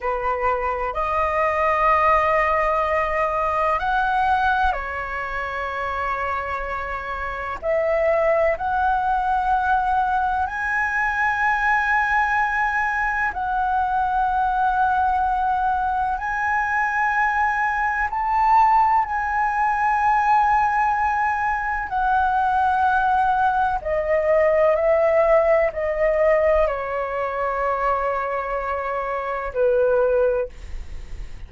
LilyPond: \new Staff \with { instrumentName = "flute" } { \time 4/4 \tempo 4 = 63 b'4 dis''2. | fis''4 cis''2. | e''4 fis''2 gis''4~ | gis''2 fis''2~ |
fis''4 gis''2 a''4 | gis''2. fis''4~ | fis''4 dis''4 e''4 dis''4 | cis''2. b'4 | }